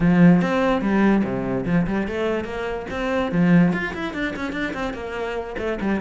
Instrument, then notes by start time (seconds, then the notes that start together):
cello
0.00 F3
0.41 C4
0.81 G3
1.23 C3
1.65 F3
1.86 G3
2.07 A3
2.44 A#3
2.90 C4
3.31 F3
3.72 F4
3.93 E4
4.13 D4
4.36 C#4
4.52 D4
4.73 C4
4.93 A#3
5.58 A3
5.80 G3